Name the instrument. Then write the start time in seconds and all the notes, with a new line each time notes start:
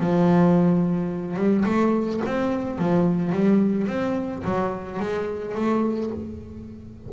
double bass
0.00 F3
1.37 G3
1.66 A3
2.26 C4
2.79 F3
3.33 G3
3.88 C4
4.45 F#3
4.99 G#3
5.55 A3